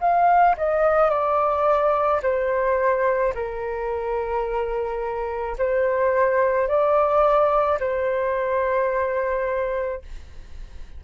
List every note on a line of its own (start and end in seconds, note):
0.00 0.56 F5
0.57 1.10 D#5
1.10 2.21 D5
2.23 3.34 C5
3.34 5.57 A#4
5.58 6.68 C5
6.68 7.79 D5
7.80 10.02 C5